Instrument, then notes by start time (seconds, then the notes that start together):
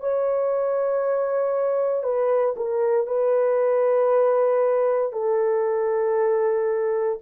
horn
0.00 C#5
2.03 B4
2.57 A#4
3.07 B4
5.13 A4